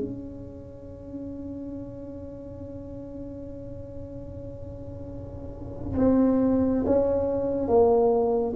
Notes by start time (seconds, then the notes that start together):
0.00 C#4
5.99 C4
6.86 C#4
7.68 A#3